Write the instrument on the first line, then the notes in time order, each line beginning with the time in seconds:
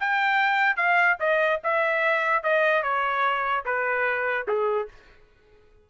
trumpet
0.00 G5
0.76 F5
1.19 D#5
1.64 E5
2.43 D#5
2.82 C#5
3.65 B4
4.47 G#4